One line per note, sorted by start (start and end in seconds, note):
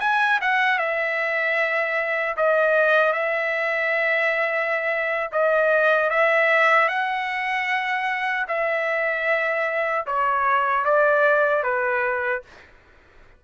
0.00 0.39 G#5
0.41 0.78 F#5
0.78 2.36 E5
2.37 3.13 D#5
3.13 5.30 E5
5.32 6.10 D#5
6.10 6.88 E5
6.88 8.46 F#5
8.48 10.06 E5
10.07 10.85 C#5
10.85 11.63 D5
11.63 12.42 B4